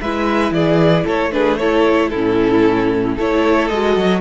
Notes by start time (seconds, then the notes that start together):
0.00 G#3 E4 B4 E5
0.51 E3 G#4 D5
1.04 A3 A4 C#5
1.32 D4 G#4 B4
1.57 E4 A4 C#5
2.09 A2 C#4 E4 A4
3.15 A3 E4 A4 C#5
3.68 G#3 F#4 D#5
3.96 F#3